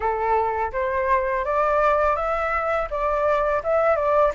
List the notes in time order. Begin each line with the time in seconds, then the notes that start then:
0.00 A4
0.72 C5
1.45 D5
2.16 E5
2.90 D5
3.63 E5
3.96 D5